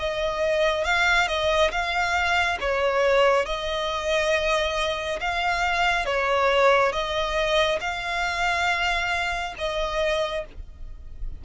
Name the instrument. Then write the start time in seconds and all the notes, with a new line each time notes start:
violin
0.00 D#5
0.85 F5
1.28 D#5
1.72 F5
2.61 C#5
3.46 D#5
5.21 F5
6.06 C#5
6.93 D#5
7.81 F5
9.58 D#5